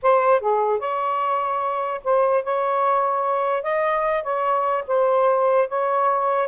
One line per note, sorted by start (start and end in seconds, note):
0.02 0.40 C5
0.40 0.79 G#4
0.79 2.00 C#5
2.03 2.43 C5
2.43 3.62 C#5
3.62 4.23 D#5
4.23 4.84 C#5
4.87 5.68 C5
5.68 6.48 C#5